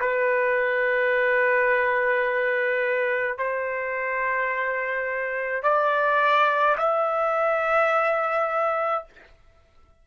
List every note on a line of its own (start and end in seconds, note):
0.00 3.38 B4
3.38 5.63 C5
5.63 6.76 D5
6.78 9.04 E5